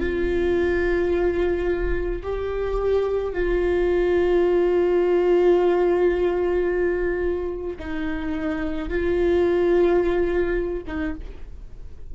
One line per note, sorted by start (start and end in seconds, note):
0.00 2.22 F4
2.23 3.33 G4
3.33 7.78 F4
7.79 8.89 D#4
8.89 10.83 F4
10.87 11.15 D#4